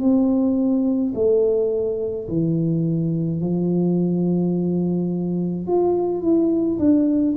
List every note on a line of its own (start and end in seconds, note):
0.00 1.13 C4
1.15 2.28 A3
2.28 3.41 E3
3.41 5.67 F3
5.67 6.22 F4
6.22 6.78 E4
6.79 7.35 D4